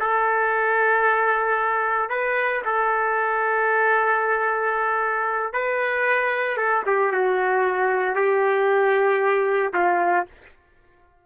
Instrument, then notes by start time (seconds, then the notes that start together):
trumpet
0.00 A4
2.10 B4
2.65 A4
5.53 B4
6.57 A4
6.86 G4
7.12 F#4
8.16 G4
9.74 F4